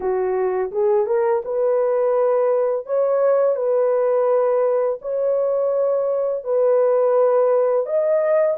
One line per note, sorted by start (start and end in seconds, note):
0.00 0.71 F#4
0.71 1.06 G#4
1.06 1.42 A#4
1.44 2.86 B4
2.86 3.56 C#5
3.56 4.98 B4
5.01 6.44 C#5
6.44 7.86 B4
7.86 8.57 D#5